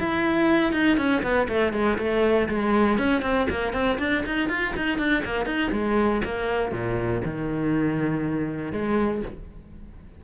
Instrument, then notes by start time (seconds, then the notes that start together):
cello
0.00 E4
0.73 D#4
0.98 C#4
1.23 B3
1.49 A3
1.73 G#3
1.99 A3
2.49 G#3
2.99 C#4
3.22 C4
3.50 A#3
3.73 C4
3.99 D4
4.26 D#4
4.49 F4
4.77 D#4
4.99 D4
5.25 A#3
5.46 D#4
5.72 G#3
6.25 A#3
6.72 A#2
7.25 D#3
8.73 G#3